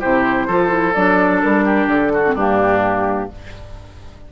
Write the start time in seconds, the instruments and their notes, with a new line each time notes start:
0.00 bassoon C3, clarinet E4, oboe G4, flute C5
0.48 bassoon F3, clarinet F4, oboe A4
0.69 clarinet E4
0.94 bassoon F#3, clarinet D4, flute D5
1.42 bassoon G3, flute A#4
1.65 oboe G4
1.87 bassoon D3, flute A4
2.14 oboe F#4
2.26 clarinet C4
2.35 bassoon G2, clarinet A#3, oboe D4, flute G4